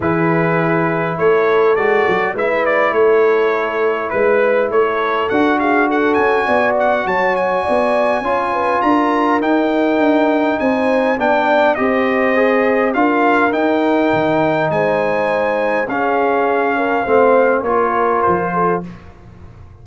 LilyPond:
<<
  \new Staff \with { instrumentName = "trumpet" } { \time 4/4 \tempo 4 = 102 b'2 cis''4 d''4 | e''8 d''8 cis''2 b'4 | cis''4 fis''8 f''8 fis''8 gis''4 fis''8 | a''8 gis''2~ gis''8 ais''4 |
g''2 gis''4 g''4 | dis''2 f''4 g''4~ | g''4 gis''2 f''4~ | f''2 cis''4 c''4 | }
  \new Staff \with { instrumentName = "horn" } { \time 4/4 gis'2 a'2 | b'4 a'2 b'4 | a'4. gis'8 a'4 d''4 | cis''4 d''4 cis''8 b'8 ais'4~ |
ais'2 c''4 d''4 | c''2 ais'2~ | ais'4 c''2 gis'4~ | gis'8 ais'8 c''4 ais'4. a'8 | }
  \new Staff \with { instrumentName = "trombone" } { \time 4/4 e'2. fis'4 | e'1~ | e'4 fis'2.~ | fis'2 f'2 |
dis'2. d'4 | g'4 gis'4 f'4 dis'4~ | dis'2. cis'4~ | cis'4 c'4 f'2 | }
  \new Staff \with { instrumentName = "tuba" } { \time 4/4 e2 a4 gis8 fis8 | gis4 a2 gis4 | a4 d'4. cis'8 b4 | fis4 b4 cis'4 d'4 |
dis'4 d'4 c'4 b4 | c'2 d'4 dis'4 | dis4 gis2 cis'4~ | cis'4 a4 ais4 f4 | }
>>